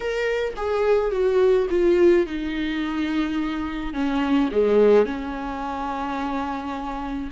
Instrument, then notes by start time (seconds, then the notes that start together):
viola
0.00 A#4
0.56 G#4
1.11 F#4
1.70 F4
2.26 D#4
3.93 C#4
4.51 G#3
5.05 C#4